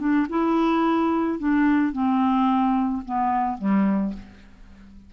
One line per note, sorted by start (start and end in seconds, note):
0.00 0.28 D4
0.30 1.39 E4
1.39 1.93 D4
1.93 3.03 C4
3.06 3.59 B3
3.59 4.14 G3